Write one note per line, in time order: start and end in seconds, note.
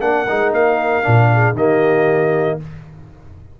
0.00 0.26 A#3
0.00 0.26 D4
0.00 1.32 A#4
0.00 0.52 F#5
0.28 0.52 G#3
0.28 1.03 D#4
0.52 1.03 A#3
0.52 1.57 F5
1.03 1.53 A#2
1.03 1.54 D4
1.33 1.56 G#4
1.53 2.56 D#3
1.53 2.60 A#3
1.53 2.58 G4
1.53 2.60 D#5